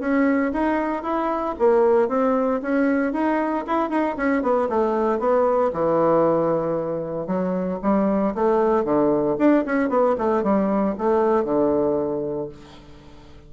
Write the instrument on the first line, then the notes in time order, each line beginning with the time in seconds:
bassoon
0.00 C#4
0.53 D#4
1.03 E4
1.59 A#3
2.09 C4
2.62 C#4
3.13 D#4
3.67 E4
3.90 D#4
4.17 C#4
4.43 B3
4.69 A3
5.19 B3
5.73 E3
7.27 F#3
7.83 G3
8.35 A3
8.85 D3
9.38 D4
9.66 C#4
9.90 B3
10.18 A3
10.43 G3
10.98 A3
11.45 D3